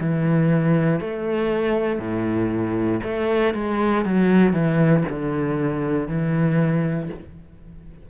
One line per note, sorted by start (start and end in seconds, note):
0.00 1.00 E3
1.00 1.99 A3
1.99 3.00 A2
3.03 3.54 A3
3.54 4.05 G#3
4.05 4.53 F#3
4.53 5.03 E3
5.09 6.08 D3
6.08 7.10 E3